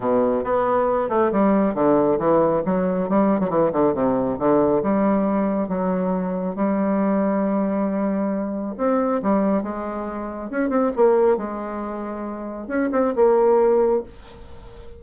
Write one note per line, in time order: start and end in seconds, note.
0.00 0.44 B2
0.44 1.09 B3
1.09 1.31 A3
1.32 1.74 G3
1.74 2.18 D3
2.18 2.62 E3
2.65 3.09 F#3
3.09 3.40 G3
3.40 3.49 F#3
3.49 3.71 E3
3.72 3.94 D3
3.94 4.37 C3
4.38 4.82 D3
4.83 5.68 G3
5.68 6.55 F#3
6.55 8.74 G3
8.77 9.21 C4
9.22 9.63 G3
9.63 10.50 G#3
10.50 10.69 C#4
10.69 10.91 C4
10.95 11.37 A#3
11.37 12.67 G#3
12.67 12.89 C#4
12.92 13.13 C4
13.15 14.03 A#3